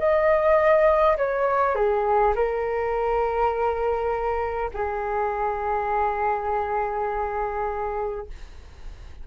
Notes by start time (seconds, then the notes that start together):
0.00 D#5
1.18 C#5
1.75 G#4
2.35 A#4
4.74 G#4